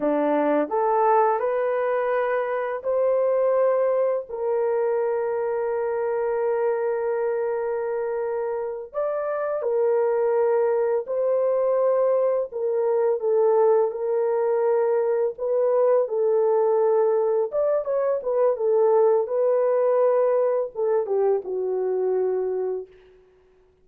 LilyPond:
\new Staff \with { instrumentName = "horn" } { \time 4/4 \tempo 4 = 84 d'4 a'4 b'2 | c''2 ais'2~ | ais'1~ | ais'8 d''4 ais'2 c''8~ |
c''4. ais'4 a'4 ais'8~ | ais'4. b'4 a'4.~ | a'8 d''8 cis''8 b'8 a'4 b'4~ | b'4 a'8 g'8 fis'2 | }